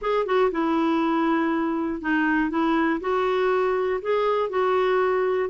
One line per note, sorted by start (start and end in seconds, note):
0.01 0.25 G#4
0.25 0.50 F#4
0.51 2.01 E4
2.01 2.50 D#4
2.50 3.00 E4
3.00 4.00 F#4
4.01 4.49 G#4
4.49 5.49 F#4